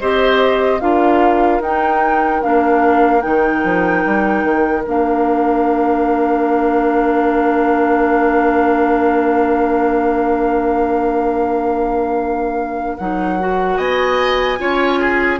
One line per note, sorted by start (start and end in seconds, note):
0.00 0.81 C4
0.00 0.80 G4
0.00 0.81 C5
0.00 0.80 D#5
0.80 1.60 D4
0.80 1.61 F4
0.80 13.77 A#4
0.80 1.61 F5
1.60 2.41 D#4
1.60 2.43 G5
2.41 3.26 A#3
2.41 3.21 D4
2.41 3.21 F5
3.21 3.64 D#3
3.21 4.83 D#4
3.21 4.83 G5
3.64 4.04 F3
4.05 4.44 G3
4.44 4.84 D#3
4.86 12.98 A#3
4.86 12.97 D4
4.86 12.97 F5
12.97 13.78 F#3
12.97 13.40 D#4
12.97 13.78 F#5
13.40 14.57 F#4
13.77 14.59 B3
13.77 14.58 D#5
13.77 15.39 G#5
14.57 15.39 C#4
14.57 15.39 F4
14.57 15.00 C#5
15.00 15.39 G#4